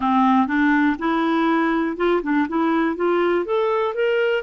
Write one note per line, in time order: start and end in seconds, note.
0.00 0.47 C4
0.47 0.96 D4
0.98 1.97 E4
1.97 2.21 F4
2.22 2.47 D4
2.48 2.96 E4
2.96 3.45 F4
3.45 3.94 A4
3.94 4.43 A#4